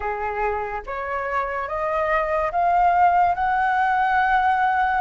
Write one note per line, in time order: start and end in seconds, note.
0.00 0.81 G#4
0.86 1.67 C#5
1.67 2.51 D#5
2.52 3.34 F5
3.34 5.01 F#5